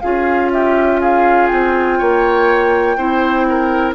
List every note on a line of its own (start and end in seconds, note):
0.00 1.51 C#4
0.00 2.98 F4
0.00 0.51 G#4
0.00 0.49 F5
0.51 1.00 G4
0.51 1.01 E5
1.00 1.98 G#4
1.00 1.47 F5
1.47 2.00 C4
1.47 3.93 G5
1.98 2.97 A#3
1.98 2.97 C#5
2.97 3.94 C4
2.97 3.94 E4
2.97 3.46 C5
3.49 3.94 A#4